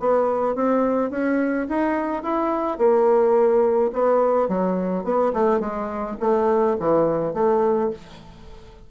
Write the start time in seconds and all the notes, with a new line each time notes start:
0.00 B3
0.56 C4
1.11 C#4
1.69 D#4
2.23 E4
2.78 A#3
3.93 B3
4.49 F#3
5.05 B3
5.34 A3
5.61 G#3
6.21 A3
6.80 E3
7.34 A3